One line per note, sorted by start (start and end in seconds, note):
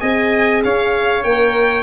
0.00 0.64 C4
0.00 1.24 G#4
0.00 0.62 D#5
0.00 0.62 G#5
0.64 1.24 C#4
0.64 1.83 C#5
0.64 1.23 F5
1.23 1.83 A#3
1.23 1.83 A#4
1.23 1.83 G5